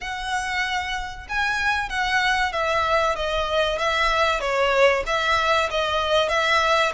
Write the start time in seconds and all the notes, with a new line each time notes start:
0.01 F#5
1.28 G#5
1.89 F#5
2.52 E5
3.15 D#5
3.78 E5
4.40 C#5
5.06 E5
5.70 D#5
6.28 E5